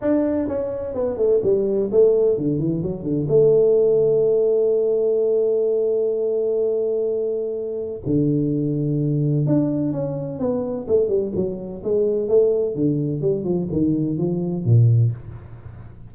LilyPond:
\new Staff \with { instrumentName = "tuba" } { \time 4/4 \tempo 4 = 127 d'4 cis'4 b8 a8 g4 | a4 d8 e8 fis8 d8 a4~ | a1~ | a1~ |
a4 d2. | d'4 cis'4 b4 a8 g8 | fis4 gis4 a4 d4 | g8 f8 dis4 f4 ais,4 | }